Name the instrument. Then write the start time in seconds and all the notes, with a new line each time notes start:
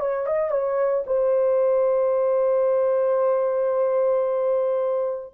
horn
0.00 C#5
0.26 D#5
0.51 C#5
1.07 C5